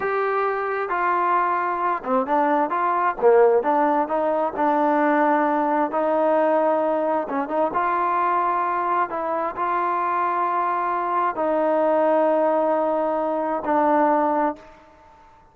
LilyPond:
\new Staff \with { instrumentName = "trombone" } { \time 4/4 \tempo 4 = 132 g'2 f'2~ | f'8 c'8 d'4 f'4 ais4 | d'4 dis'4 d'2~ | d'4 dis'2. |
cis'8 dis'8 f'2. | e'4 f'2.~ | f'4 dis'2.~ | dis'2 d'2 | }